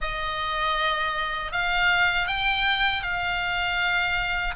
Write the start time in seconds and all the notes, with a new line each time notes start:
0.01 D#5
1.52 F5
2.28 G5
3.02 F5